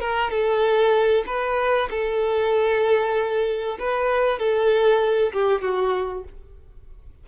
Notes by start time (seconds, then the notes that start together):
0.00 A#4
0.31 A4
1.26 B4
1.91 A4
3.79 B4
4.39 A4
5.33 G4
5.62 F#4